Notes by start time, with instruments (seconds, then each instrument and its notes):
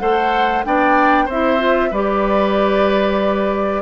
0.00 bassoon A3, clarinet A4, oboe C5, flute F#5
0.64 bassoon B3, clarinet D4, oboe D5, flute G5
1.26 bassoon C4, clarinet E4, oboe C5, flute E5
1.59 clarinet F4
1.91 bassoon G3, clarinet G4, oboe B4, flute D5